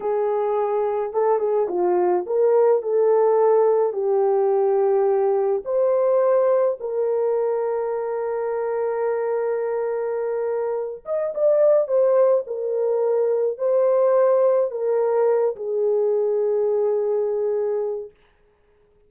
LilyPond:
\new Staff \with { instrumentName = "horn" } { \time 4/4 \tempo 4 = 106 gis'2 a'8 gis'8 f'4 | ais'4 a'2 g'4~ | g'2 c''2 | ais'1~ |
ais'2.~ ais'8 dis''8 | d''4 c''4 ais'2 | c''2 ais'4. gis'8~ | gis'1 | }